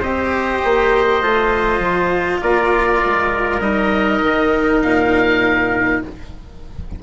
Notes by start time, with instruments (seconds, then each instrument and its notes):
0.00 bassoon C4, cello G4, trumpet C5, oboe D#5
0.64 bassoon A#3
1.22 bassoon A3, cello F4
1.79 bassoon F3
2.42 bassoon A#3, trumpet A#4, oboe D5
3.05 bassoon G#3
3.60 bassoon G3, cello D#4, oboe D#5
4.22 bassoon D#3
4.83 bassoon A#2, oboe F5